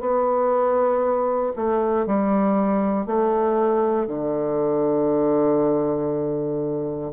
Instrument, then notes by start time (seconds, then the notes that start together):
bassoon
0.00 B3
1.56 A3
2.06 G3
3.06 A3
4.07 D3